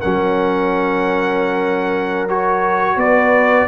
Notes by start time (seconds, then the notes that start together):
0.00 F#3 C#4 A#4 F#5
2.28 F#4 C#5
2.96 B3 B4 D5